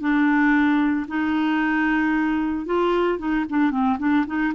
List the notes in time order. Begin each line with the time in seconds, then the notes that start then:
0.00 D4
1.08 D#4
2.66 F4
3.19 D#4
3.49 D4
3.71 C4
3.99 D4
4.26 D#4